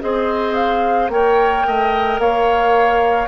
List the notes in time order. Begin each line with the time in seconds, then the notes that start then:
0.00 C4 G#4 C5 D#5
0.55 F5
1.09 A#3 A#4 C#5 G5
1.66 A3 D#5
2.18 A#3 C#5 F5